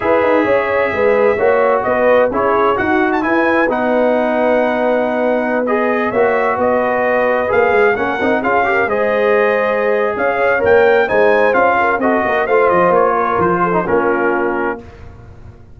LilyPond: <<
  \new Staff \with { instrumentName = "trumpet" } { \time 4/4 \tempo 4 = 130 e''1 | dis''4 cis''4 fis''8. a''16 gis''4 | fis''1~ | fis''16 dis''4 e''4 dis''4.~ dis''16~ |
dis''16 f''4 fis''4 f''4 dis''8.~ | dis''2 f''4 g''4 | gis''4 f''4 dis''4 f''8 dis''8 | cis''4 c''4 ais'2 | }
  \new Staff \with { instrumentName = "horn" } { \time 4/4 b'4 cis''4 b'4 cis''4 | b'4 gis'4 fis'4 b'4~ | b'1~ | b'4~ b'16 cis''4 b'4.~ b'16~ |
b'4~ b'16 ais'4 gis'8 ais'8 c''8.~ | c''2 cis''2 | c''4. ais'8 a'8 ais'8 c''4~ | c''8 ais'4 a'8 f'2 | }
  \new Staff \with { instrumentName = "trombone" } { \time 4/4 gis'2. fis'4~ | fis'4 e'4 fis'4 e'4 | dis'1~ | dis'16 gis'4 fis'2~ fis'8.~ |
fis'16 gis'4 cis'8 dis'8 f'8 g'8 gis'8.~ | gis'2. ais'4 | dis'4 f'4 fis'4 f'4~ | f'4.~ f'16 dis'16 cis'2 | }
  \new Staff \with { instrumentName = "tuba" } { \time 4/4 e'8 dis'8 cis'4 gis4 ais4 | b4 cis'4 dis'4 e'4 | b1~ | b4~ b16 ais4 b4.~ b16~ |
b16 ais8 gis8 ais8 c'8 cis'4 gis8.~ | gis2 cis'4 ais4 | gis4 cis'4 c'8 ais8 a8 f8 | ais4 f4 ais2 | }
>>